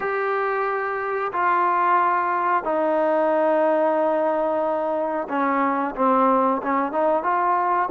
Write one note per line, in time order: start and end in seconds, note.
0.00 1.32 G4
1.32 2.63 F4
2.63 5.27 D#4
5.28 5.94 C#4
5.95 6.61 C4
6.63 6.92 C#4
6.92 7.23 D#4
7.23 7.89 F4